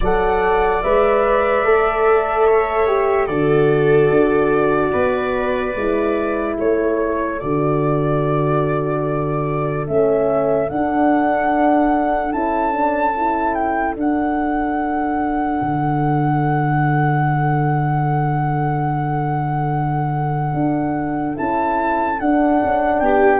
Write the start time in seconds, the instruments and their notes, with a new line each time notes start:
0.00 tuba F#3, horn A4, viola D5, flute F#5
0.82 tuba G#3, horn B4, flute E5
1.63 tuba A3, horn A4
2.46 viola C#5
2.87 horn G4
3.26 tuba D3, horn F#4, viola A4, flute D5
4.09 tuba D4
4.92 tuba B3, viola B4
5.74 tuba G#3, horn E4
6.56 tuba A3, viola A4, flute C#5
7.39 tuba D3, horn F#4, flute D5
9.86 tuba A3, horn C#4, flute E5
10.69 tuba D4, horn D4, flute F#5
12.32 tuba C#4, horn E4, flute A5
12.72 horn D4
13.16 horn E4
13.53 flute G5
13.96 tuba D4, horn D4, flute F#5
15.61 tuba D3
20.53 tuba D4
21.35 tuba C#4, horn E4, flute A5
22.19 tuba D4, horn D4, flute F#5
22.63 tuba C#4
22.99 tuba B3, viola G4, flute G5